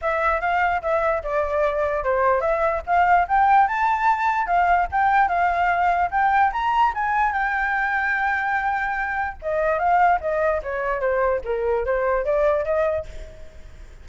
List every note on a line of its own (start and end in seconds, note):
0.01 0.40 E5
0.40 0.81 F5
0.81 1.22 E5
1.23 2.04 D5
2.04 2.41 C5
2.41 2.81 E5
2.86 3.27 F5
3.28 3.67 G5
3.67 4.47 A5
4.47 4.87 F5
4.91 5.28 G5
5.28 6.10 F5
6.10 6.51 G5
6.52 6.93 A#5
6.94 7.32 G#5
7.32 9.37 G5
9.41 9.78 D#5
9.78 10.19 F5
10.20 10.61 D#5
10.62 11.00 C#5
11.00 11.41 C5
11.44 11.85 A#4
11.85 12.24 C5
12.24 12.64 D5
12.64 13.05 D#5